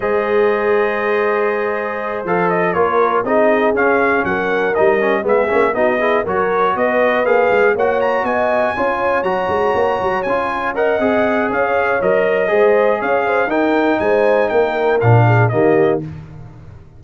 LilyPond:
<<
  \new Staff \with { instrumentName = "trumpet" } { \time 4/4 \tempo 4 = 120 dis''1~ | dis''8 f''8 dis''8 cis''4 dis''4 f''8~ | f''8 fis''4 dis''4 e''4 dis''8~ | dis''8 cis''4 dis''4 f''4 fis''8 |
ais''8 gis''2 ais''4.~ | ais''8 gis''4 fis''4. f''4 | dis''2 f''4 g''4 | gis''4 g''4 f''4 dis''4 | }
  \new Staff \with { instrumentName = "horn" } { \time 4/4 c''1~ | c''4. ais'4 gis'4.~ | gis'8 ais'2 gis'4 fis'8 | gis'8 ais'4 b'2 cis''8~ |
cis''8 dis''4 cis''2~ cis''8~ | cis''4. dis''4. cis''4~ | cis''4 c''4 cis''8 c''8 ais'4 | c''4 ais'4. gis'8 g'4 | }
  \new Staff \with { instrumentName = "trombone" } { \time 4/4 gis'1~ | gis'8 a'4 f'4 dis'4 cis'8~ | cis'4. dis'8 cis'8 b8 cis'8 dis'8 | e'8 fis'2 gis'4 fis'8~ |
fis'4. f'4 fis'4.~ | fis'8 f'4 ais'8 gis'2 | ais'4 gis'2 dis'4~ | dis'2 d'4 ais4 | }
  \new Staff \with { instrumentName = "tuba" } { \time 4/4 gis1~ | gis8 f4 ais4 c'4 cis'8~ | cis'8 fis4 g4 gis8 ais8 b8~ | b8 fis4 b4 ais8 gis8 ais8~ |
ais8 b4 cis'4 fis8 gis8 ais8 | fis8 cis'4. c'4 cis'4 | fis4 gis4 cis'4 dis'4 | gis4 ais4 ais,4 dis4 | }
>>